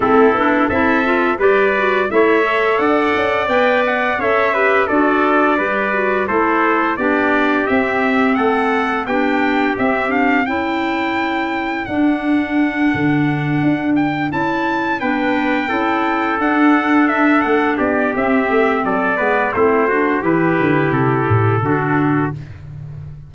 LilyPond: <<
  \new Staff \with { instrumentName = "trumpet" } { \time 4/4 \tempo 4 = 86 a'4 e''4 d''4 e''4 | fis''4 g''8 fis''8 e''4 d''4~ | d''4 c''4 d''4 e''4 | fis''4 g''4 e''8 f''8 g''4~ |
g''4 fis''2. | g''8 a''4 g''2 fis''8~ | fis''8 e''8 fis''8 d''8 e''4 d''4 | c''4 b'4 a'2 | }
  \new Staff \with { instrumentName = "trumpet" } { \time 4/4 e'4 a'4 b'4 cis''4 | d''2 cis''8 b'8 a'4 | b'4 a'4 g'2 | a'4 g'2 a'4~ |
a'1~ | a'4. b'4 a'4.~ | a'4. g'4. a'8 b'8 | e'8 fis'8 g'2 fis'4 | }
  \new Staff \with { instrumentName = "clarinet" } { \time 4/4 c'8 d'8 e'8 f'8 g'8 fis'8 e'8 a'8~ | a'4 b'4 a'8 g'8 fis'4 | g'8 fis'8 e'4 d'4 c'4~ | c'4 d'4 c'8 d'8 e'4~ |
e'4 d'2.~ | d'8 e'4 d'4 e'4 d'8~ | d'2 c'4. b8 | c'8 d'8 e'2 d'4 | }
  \new Staff \with { instrumentName = "tuba" } { \time 4/4 a8 b8 c'4 g4 a4 | d'8 cis'8 b4 cis'4 d'4 | g4 a4 b4 c'4 | a4 b4 c'4 cis'4~ |
cis'4 d'4. d4 d'8~ | d'8 cis'4 b4 cis'4 d'8~ | d'4 a8 b8 c'8 a8 fis8 gis8 | a4 e8 d8 c8 a,8 d4 | }
>>